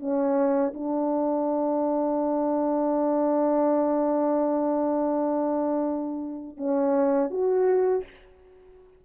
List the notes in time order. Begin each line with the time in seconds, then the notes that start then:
0.00 C#4
0.75 D4
6.58 C#4
7.31 F#4